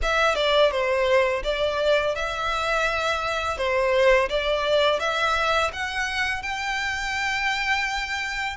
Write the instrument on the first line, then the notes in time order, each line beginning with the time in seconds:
violin
0.02 E5
0.35 D5
0.71 C5
1.43 D5
2.15 E5
3.57 C5
4.29 D5
4.99 E5
5.72 F#5
6.42 G5